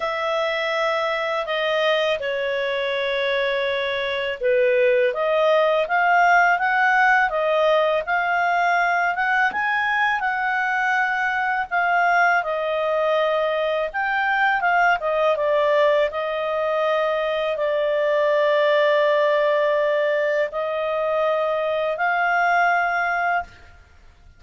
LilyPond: \new Staff \with { instrumentName = "clarinet" } { \time 4/4 \tempo 4 = 82 e''2 dis''4 cis''4~ | cis''2 b'4 dis''4 | f''4 fis''4 dis''4 f''4~ | f''8 fis''8 gis''4 fis''2 |
f''4 dis''2 g''4 | f''8 dis''8 d''4 dis''2 | d''1 | dis''2 f''2 | }